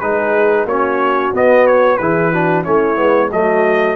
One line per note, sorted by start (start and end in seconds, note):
0.00 0.65 G#3
0.00 0.68 D#4
0.00 0.66 G#4
0.00 0.66 B4
0.65 1.31 A#3
0.65 1.34 C#4
0.65 1.98 F#4
0.65 1.34 C#5
1.34 1.99 B3
1.34 2.00 B3
1.34 1.67 D#5
1.67 1.97 C#5
1.97 2.66 E3
1.97 2.33 E4
1.97 2.31 G#4
1.97 2.63 B4
2.31 2.64 D4
2.31 2.64 F#4
2.64 2.98 A3
2.64 2.95 C#4
2.64 3.30 E4
2.64 3.30 C#5
2.95 3.31 G#3
2.95 3.28 B3
3.31 3.96 F#3
3.31 3.96 A3
3.31 3.96 F#4
3.31 3.96 D#5